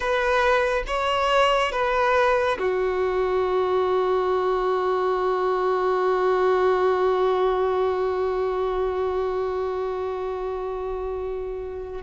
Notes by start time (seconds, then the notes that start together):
0.00 B4
0.86 C#5
1.72 B4
2.59 F#4